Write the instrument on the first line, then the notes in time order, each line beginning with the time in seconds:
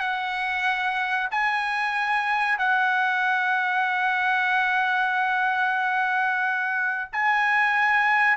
trumpet
0.00 F#5
1.31 G#5
2.58 F#5
7.13 G#5